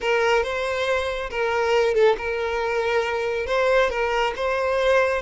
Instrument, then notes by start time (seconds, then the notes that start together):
violin
0.00 A#4
0.43 C5
1.30 A#4
1.94 A4
2.17 A#4
3.46 C5
3.90 A#4
4.36 C5